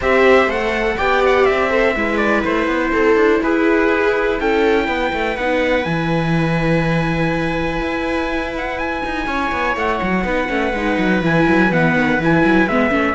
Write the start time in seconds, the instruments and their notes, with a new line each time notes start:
0.00 cello C4, viola G4 C5, trumpet E5
0.46 cello A3, viola A4, trumpet F#5
0.97 cello B3, viola G4 D5, trumpet G5
1.25 trumpet F#5
1.45 cello C4, trumpet E5
1.69 viola A4 C5
1.95 cello G#3, viola E4 B4
2.17 trumpet D5
2.44 cello A3, trumpet C5
2.67 cello B3
2.92 cello C4, viola A4
3.15 cello D4
3.42 cello E4, viola G#4, trumpet B4
4.40 cello C#4, viola A4, trumpet G5
4.86 cello B3, viola B4
5.13 cello A3
5.36 cello B3, viola D#4, trumpet F#5
5.84 cello E3, viola E4, trumpet G#5
7.80 cello E4
8.57 trumpet F#5
8.78 trumpet G#5
9.05 cello D#4
9.27 cello C#4, viola C#5
9.52 cello B3
9.75 cello A3, trumpet F#5
10.02 cello F#3
10.22 cello B3, viola D#4 B4
10.47 cello A3, viola C#4
10.73 cello G#3, viola D#4
10.97 cello F#3
11.21 cello E3, viola E4, trumpet G#5
11.47 cello F#3
11.71 cello E3, viola B3, trumpet F#5
11.95 cello D#3
12.19 cello E3, viola E4, trumpet G#5
12.45 cello F#3
12.66 cello G#3, viola B3, trumpet E5
12.90 cello A3, viola C#4